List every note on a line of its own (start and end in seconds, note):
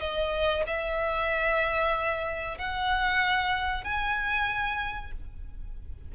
0.00 0.64 D#5
0.67 2.58 E5
2.58 3.84 F#5
3.84 5.12 G#5